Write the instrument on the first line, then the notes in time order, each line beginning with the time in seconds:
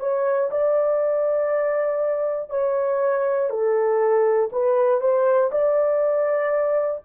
horn
0.00 C#5
0.52 D5
2.50 C#5
3.50 A4
4.52 B4
5.01 C5
5.52 D5